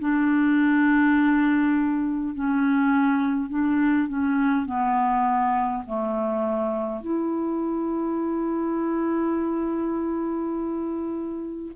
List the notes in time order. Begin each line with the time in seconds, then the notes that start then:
0.00 D4
2.35 C#4
3.50 D4
4.09 C#4
4.66 B3
5.87 A3
7.02 E4